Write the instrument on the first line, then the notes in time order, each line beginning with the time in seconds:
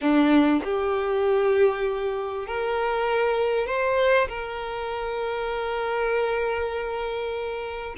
violin
0.01 D4
0.63 G4
2.47 A#4
3.66 C5
4.28 A#4